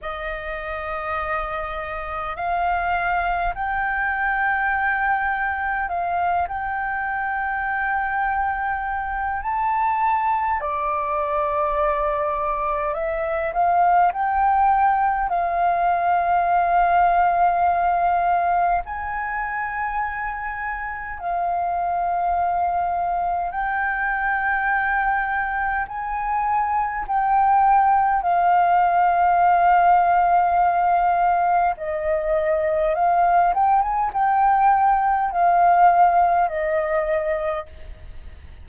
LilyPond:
\new Staff \with { instrumentName = "flute" } { \time 4/4 \tempo 4 = 51 dis''2 f''4 g''4~ | g''4 f''8 g''2~ g''8 | a''4 d''2 e''8 f''8 | g''4 f''2. |
gis''2 f''2 | g''2 gis''4 g''4 | f''2. dis''4 | f''8 g''16 gis''16 g''4 f''4 dis''4 | }